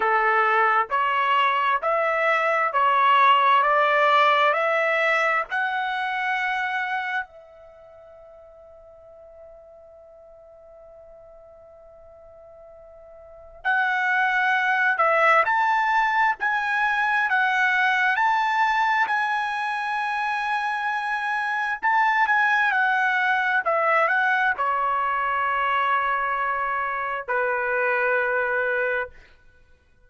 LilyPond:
\new Staff \with { instrumentName = "trumpet" } { \time 4/4 \tempo 4 = 66 a'4 cis''4 e''4 cis''4 | d''4 e''4 fis''2 | e''1~ | e''2. fis''4~ |
fis''8 e''8 a''4 gis''4 fis''4 | a''4 gis''2. | a''8 gis''8 fis''4 e''8 fis''8 cis''4~ | cis''2 b'2 | }